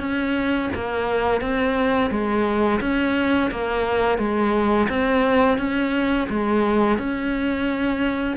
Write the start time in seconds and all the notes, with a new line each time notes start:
0.00 C#4
0.75 A#3
1.41 C4
2.11 G#3
2.81 C#4
3.51 A#3
4.18 G#3
4.89 C4
5.58 C#4
6.29 G#3
6.98 C#4